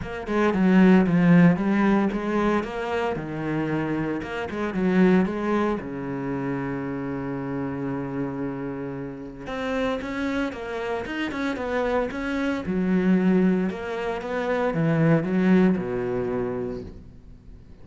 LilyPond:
\new Staff \with { instrumentName = "cello" } { \time 4/4 \tempo 4 = 114 ais8 gis8 fis4 f4 g4 | gis4 ais4 dis2 | ais8 gis8 fis4 gis4 cis4~ | cis1~ |
cis2 c'4 cis'4 | ais4 dis'8 cis'8 b4 cis'4 | fis2 ais4 b4 | e4 fis4 b,2 | }